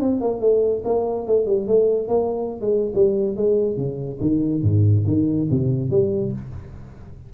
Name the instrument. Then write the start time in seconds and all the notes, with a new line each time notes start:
tuba
0.00 C4
0.21 A#3
0.41 A3
0.85 A#3
1.27 A3
1.46 G3
1.67 A3
2.08 A#3
2.61 G#3
2.95 G3
3.36 G#3
3.77 C#3
4.21 D#3
4.62 G#2
5.07 D#3
5.51 C3
5.90 G3